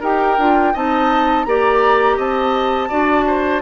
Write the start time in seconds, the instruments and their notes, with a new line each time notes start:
0.00 bassoon D#4, clarinet G4, oboe A#4, flute G5
0.38 bassoon D4, clarinet F4
0.73 bassoon C4, clarinet D#4, oboe D#5, flute A5
1.44 bassoon A#3, clarinet G4, oboe D5, flute A#5
2.16 bassoon C4, oboe D#5, flute A5
2.88 bassoon D4, clarinet F#4, oboe D5
3.27 oboe C5